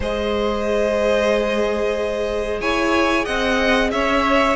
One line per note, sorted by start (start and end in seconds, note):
0.00 2.60 G#3
0.00 4.55 G#4
0.00 2.60 C5
0.00 2.60 D#5
2.60 3.25 E4
2.60 3.25 C#5
2.60 3.25 G#5
3.25 3.91 C4
3.25 3.90 D#5
3.25 3.90 F#5
3.91 4.55 C#4
3.91 4.55 C#5
3.91 4.55 E5